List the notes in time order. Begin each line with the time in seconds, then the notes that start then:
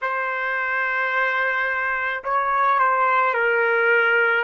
0.01 C5
2.24 C#5
2.79 C5
3.34 A#4